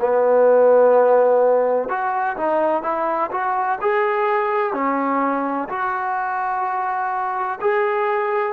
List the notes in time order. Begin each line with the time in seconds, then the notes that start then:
0.00 B3
1.88 F#4
2.36 D#4
2.82 E4
3.31 F#4
3.81 G#4
4.73 C#4
5.68 F#4
7.61 G#4